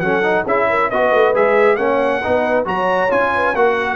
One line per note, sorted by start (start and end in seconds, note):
0.00 0.45 F#3
0.00 0.23 C#4
0.00 0.45 A4
0.00 0.44 F#5
0.23 0.45 D#4
0.45 0.90 C#4
0.45 0.93 E4
0.45 0.67 G#4
0.45 0.90 E5
0.69 0.90 A#4
0.90 1.12 B3
0.90 1.34 F#4
0.90 1.78 B4
0.90 1.34 D#5
1.12 1.34 A3
1.34 1.78 G#3
1.34 1.78 G#4
1.34 1.76 E5
1.76 2.22 A#3
1.76 2.22 C#4
1.76 2.22 C#5
1.76 2.64 F#5
2.23 2.66 B3
2.23 2.65 D#4
2.23 2.68 B4
2.65 3.10 F#3
2.65 3.09 F#4
2.65 3.34 C#5
2.65 3.11 A#5
3.10 3.55 C#4
3.10 3.54 F4
3.10 3.56 G#5
3.35 3.55 B4
3.55 3.96 A#3
3.55 3.96 F#4
3.55 3.96 A#4
3.55 3.96 F#5